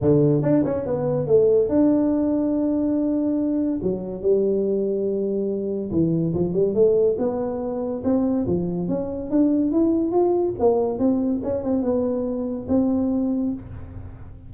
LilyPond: \new Staff \with { instrumentName = "tuba" } { \time 4/4 \tempo 4 = 142 d4 d'8 cis'8 b4 a4 | d'1~ | d'4 fis4 g2~ | g2 e4 f8 g8 |
a4 b2 c'4 | f4 cis'4 d'4 e'4 | f'4 ais4 c'4 cis'8 c'8 | b2 c'2 | }